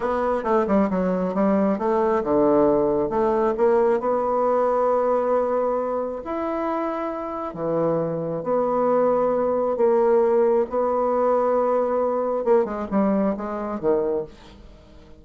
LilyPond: \new Staff \with { instrumentName = "bassoon" } { \time 4/4 \tempo 4 = 135 b4 a8 g8 fis4 g4 | a4 d2 a4 | ais4 b2.~ | b2 e'2~ |
e'4 e2 b4~ | b2 ais2 | b1 | ais8 gis8 g4 gis4 dis4 | }